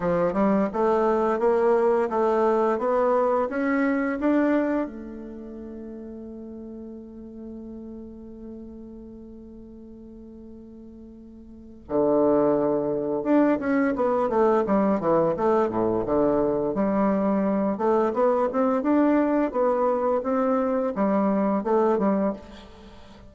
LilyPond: \new Staff \with { instrumentName = "bassoon" } { \time 4/4 \tempo 4 = 86 f8 g8 a4 ais4 a4 | b4 cis'4 d'4 a4~ | a1~ | a1~ |
a4 d2 d'8 cis'8 | b8 a8 g8 e8 a8 a,8 d4 | g4. a8 b8 c'8 d'4 | b4 c'4 g4 a8 g8 | }